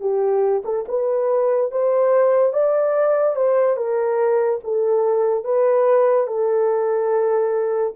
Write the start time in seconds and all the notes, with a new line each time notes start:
0.00 G4
0.64 A4
0.88 B4
1.71 C5
2.53 D5
3.36 C5
3.76 A#4
4.64 A4
5.44 B4
6.27 A4